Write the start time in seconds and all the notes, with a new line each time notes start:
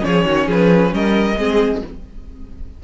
0.00 F3 C#4 C#5
0.07 G#4
0.25 D#3 F#4
0.47 F3 G#4 B4
0.92 G3 A#4 D#5
1.38 G#3 C4 G#4